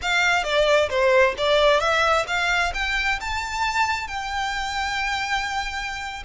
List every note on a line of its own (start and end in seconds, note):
0.01 0.43 F5
0.43 0.89 D5
0.89 1.35 C5
1.37 1.80 D5
1.80 2.25 E5
2.27 2.72 F5
2.74 3.19 G5
3.20 4.07 A5
4.07 6.23 G5